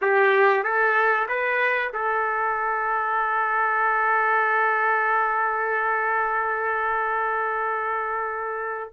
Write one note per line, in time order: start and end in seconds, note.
0.01 0.63 G4
0.63 1.27 A4
1.28 1.92 B4
1.93 8.92 A4